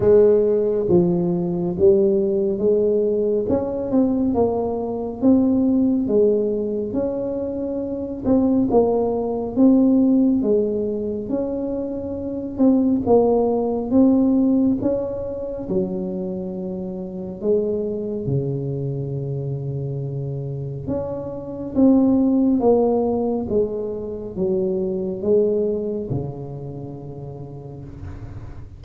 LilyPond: \new Staff \with { instrumentName = "tuba" } { \time 4/4 \tempo 4 = 69 gis4 f4 g4 gis4 | cis'8 c'8 ais4 c'4 gis4 | cis'4. c'8 ais4 c'4 | gis4 cis'4. c'8 ais4 |
c'4 cis'4 fis2 | gis4 cis2. | cis'4 c'4 ais4 gis4 | fis4 gis4 cis2 | }